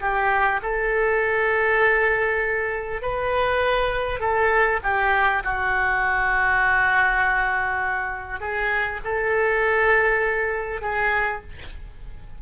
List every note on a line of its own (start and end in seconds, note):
0.00 0.60 G4
0.62 3.02 A4
3.02 4.19 B4
4.19 4.79 A4
4.83 5.43 G4
5.43 8.40 F#4
8.40 9.00 G#4
9.04 10.81 A4
10.81 11.41 G#4